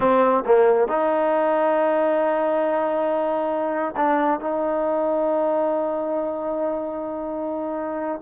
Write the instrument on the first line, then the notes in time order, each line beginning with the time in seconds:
trombone
0.00 C4
0.45 A#3
0.88 D#4
3.96 D4
4.40 D#4